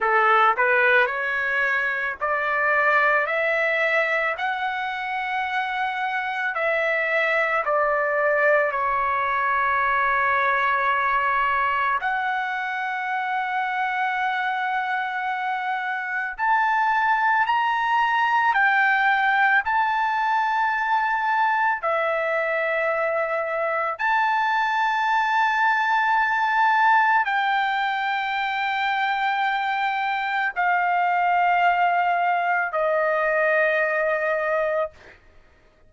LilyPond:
\new Staff \with { instrumentName = "trumpet" } { \time 4/4 \tempo 4 = 55 a'8 b'8 cis''4 d''4 e''4 | fis''2 e''4 d''4 | cis''2. fis''4~ | fis''2. a''4 |
ais''4 g''4 a''2 | e''2 a''2~ | a''4 g''2. | f''2 dis''2 | }